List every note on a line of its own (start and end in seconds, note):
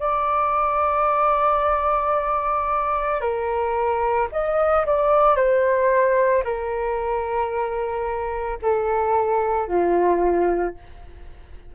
0.00 3.21 D5
3.21 4.29 A#4
4.32 4.86 D#5
4.87 5.36 D5
5.36 6.43 C5
6.45 8.59 A#4
8.62 9.68 A4
9.68 10.75 F4